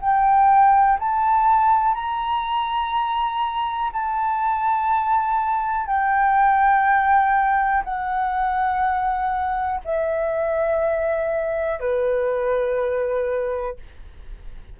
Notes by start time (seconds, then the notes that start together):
0.00 G5
0.99 A5
1.95 A#5
3.93 A5
5.87 G5
7.84 F#5
9.85 E5
11.80 B4